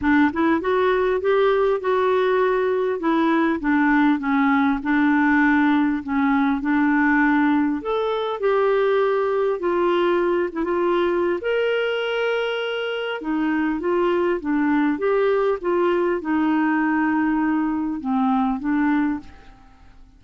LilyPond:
\new Staff \with { instrumentName = "clarinet" } { \time 4/4 \tempo 4 = 100 d'8 e'8 fis'4 g'4 fis'4~ | fis'4 e'4 d'4 cis'4 | d'2 cis'4 d'4~ | d'4 a'4 g'2 |
f'4. e'16 f'4~ f'16 ais'4~ | ais'2 dis'4 f'4 | d'4 g'4 f'4 dis'4~ | dis'2 c'4 d'4 | }